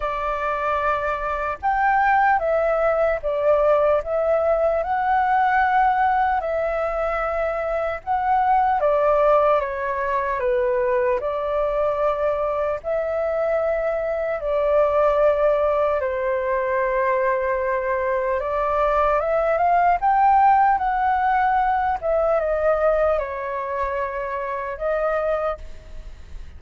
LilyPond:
\new Staff \with { instrumentName = "flute" } { \time 4/4 \tempo 4 = 75 d''2 g''4 e''4 | d''4 e''4 fis''2 | e''2 fis''4 d''4 | cis''4 b'4 d''2 |
e''2 d''2 | c''2. d''4 | e''8 f''8 g''4 fis''4. e''8 | dis''4 cis''2 dis''4 | }